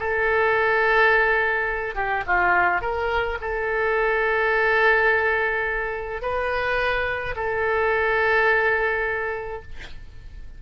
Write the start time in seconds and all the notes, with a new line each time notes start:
0.00 A4
1.96 G4
2.27 F4
2.82 A#4
3.42 A4
6.22 B4
7.36 A4